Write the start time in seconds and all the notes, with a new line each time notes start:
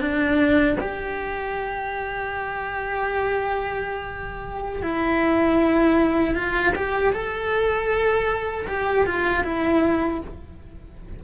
0.00 D4
0.80 G4
4.83 E4
6.34 F4
6.75 G4
7.12 A4
8.67 G4
9.06 F4
9.43 E4